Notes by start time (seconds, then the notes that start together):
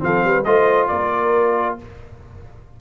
0.00 F3 C4 A4 F5
0.25 G3 B4
0.44 A3 F4 C5 D#5
0.88 A#3 A#4 D5